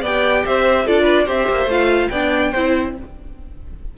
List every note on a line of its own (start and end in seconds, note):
0.00 0.44 B3
0.00 0.86 G4
0.00 0.42 D5
0.00 0.46 G5
0.45 0.87 C4
0.45 0.85 C5
0.45 0.87 E5
0.85 1.27 D4
0.85 1.26 F4
0.85 1.02 A4
0.85 1.28 D5
1.02 1.23 B4
1.26 1.48 C4
1.26 1.68 G4
1.26 2.09 C5
1.26 1.70 E5
1.49 1.66 A#3
1.66 2.07 A3
1.66 2.11 F4
1.66 2.09 F5
2.09 2.53 B3
2.09 2.55 D4
2.09 2.51 D5
2.09 2.92 G5
2.51 2.97 C4
2.51 2.97 E4
2.51 2.93 C5